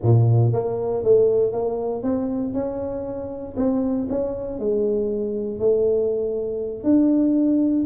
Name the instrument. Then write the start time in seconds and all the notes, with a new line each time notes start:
tuba
0.02 A#2
0.52 A#3
1.03 A3
1.52 A#3
2.02 C4
2.53 C#4
3.57 C4
4.09 C#4
4.59 G#3
5.59 A3
6.83 D4